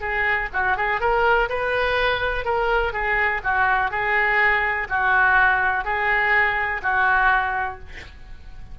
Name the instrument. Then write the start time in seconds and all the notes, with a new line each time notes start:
oboe
0.00 G#4
0.53 F#4
0.77 G#4
1.00 A#4
1.49 B4
2.44 A#4
2.93 G#4
3.43 F#4
3.91 G#4
4.89 F#4
5.84 G#4
6.82 F#4